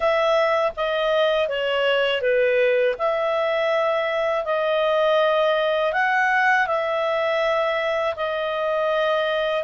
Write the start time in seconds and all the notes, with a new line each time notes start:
0.00 E5
0.76 D#5
1.48 C#5
2.21 B4
2.98 E5
4.44 D#5
5.92 F#5
6.66 E5
8.15 D#5